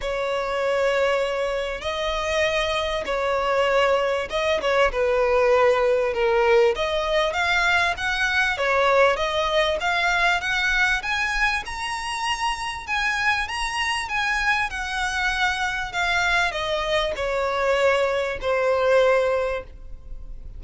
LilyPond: \new Staff \with { instrumentName = "violin" } { \time 4/4 \tempo 4 = 98 cis''2. dis''4~ | dis''4 cis''2 dis''8 cis''8 | b'2 ais'4 dis''4 | f''4 fis''4 cis''4 dis''4 |
f''4 fis''4 gis''4 ais''4~ | ais''4 gis''4 ais''4 gis''4 | fis''2 f''4 dis''4 | cis''2 c''2 | }